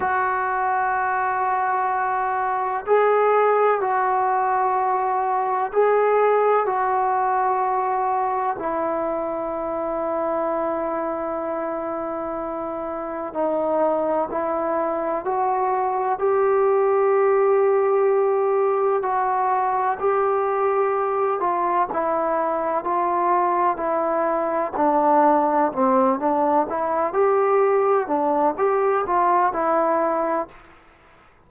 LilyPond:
\new Staff \with { instrumentName = "trombone" } { \time 4/4 \tempo 4 = 63 fis'2. gis'4 | fis'2 gis'4 fis'4~ | fis'4 e'2.~ | e'2 dis'4 e'4 |
fis'4 g'2. | fis'4 g'4. f'8 e'4 | f'4 e'4 d'4 c'8 d'8 | e'8 g'4 d'8 g'8 f'8 e'4 | }